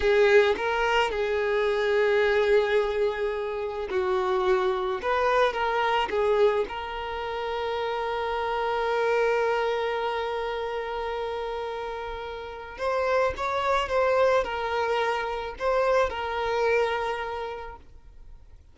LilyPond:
\new Staff \with { instrumentName = "violin" } { \time 4/4 \tempo 4 = 108 gis'4 ais'4 gis'2~ | gis'2. fis'4~ | fis'4 b'4 ais'4 gis'4 | ais'1~ |
ais'1~ | ais'2. c''4 | cis''4 c''4 ais'2 | c''4 ais'2. | }